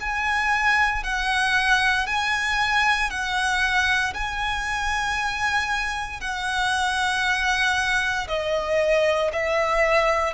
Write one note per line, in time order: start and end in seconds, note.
0.00 1.03 G#5
1.03 2.06 F#5
2.06 3.10 G#5
3.10 4.13 F#5
4.13 6.20 G#5
6.20 8.27 F#5
8.28 9.31 D#5
9.32 10.34 E5